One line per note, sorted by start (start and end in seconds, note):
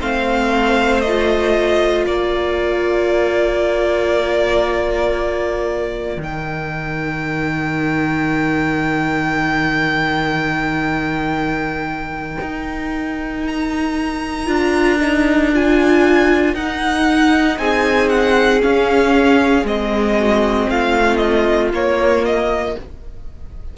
0.00 2.06 A3
0.00 1.03 C4
0.00 2.06 C5
0.00 1.00 F5
1.00 2.04 D#5
1.07 6.19 F4
2.06 6.17 A#3
2.06 17.58 A#4
2.06 6.20 D5
6.17 12.37 D#3
6.17 14.46 D#4
6.23 13.47 G5
12.41 14.48 D#4
13.47 15.53 A#5
14.46 16.53 D4
14.46 14.98 F4
15.00 15.52 D#4
15.53 16.57 F4
15.53 16.54 G#5
16.53 17.57 D#4
16.53 18.59 D#4
16.53 17.58 F#5
17.58 18.61 C4
17.58 20.18 G#4
17.58 18.09 G#5
18.09 18.61 F#5
18.59 19.63 C#4
18.59 19.66 F5
19.63 20.67 G#3
19.63 21.72 C4
19.63 20.70 D#5
20.18 20.69 F#4
20.69 21.72 A3
20.69 22.76 F4
20.69 21.16 F5
21.16 21.68 D#5
21.72 22.75 A#3
21.72 22.77 A#3
21.72 22.25 C#5
22.25 22.77 D#5